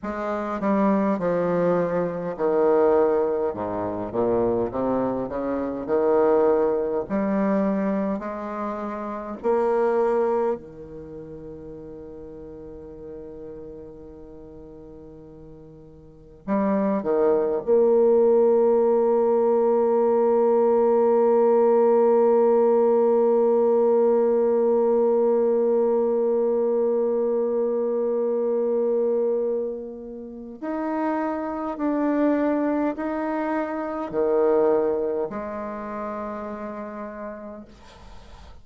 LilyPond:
\new Staff \with { instrumentName = "bassoon" } { \time 4/4 \tempo 4 = 51 gis8 g8 f4 dis4 gis,8 ais,8 | c8 cis8 dis4 g4 gis4 | ais4 dis2.~ | dis2 g8 dis8 ais4~ |
ais1~ | ais1~ | ais2 dis'4 d'4 | dis'4 dis4 gis2 | }